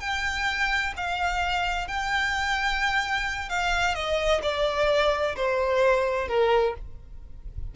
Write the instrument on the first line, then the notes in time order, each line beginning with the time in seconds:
violin
0.00 G5
0.97 F5
1.88 G5
3.49 F5
3.95 D#5
4.42 D5
5.36 C5
6.28 A#4